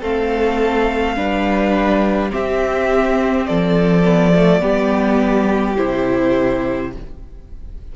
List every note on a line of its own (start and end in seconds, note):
0.00 1.16 A3
0.00 1.16 C4
0.00 1.15 A4
0.00 2.32 F5
1.16 2.31 G3
1.16 2.29 D4
1.16 2.31 B4
2.29 4.02 C4
2.29 3.49 C4
2.29 3.46 G4
2.29 3.45 E5
3.45 4.61 F3
3.45 4.61 A4
3.45 5.76 D5
4.03 4.32 B3
4.35 4.60 A3
4.60 5.77 G3
4.60 5.75 B3
4.60 6.92 G4
5.76 6.95 C3
5.76 6.92 E4
5.76 6.91 C5